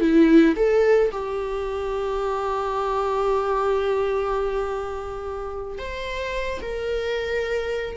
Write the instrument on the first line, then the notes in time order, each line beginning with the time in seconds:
viola
0.00 E4
0.56 A4
1.11 G4
5.78 C5
6.62 A#4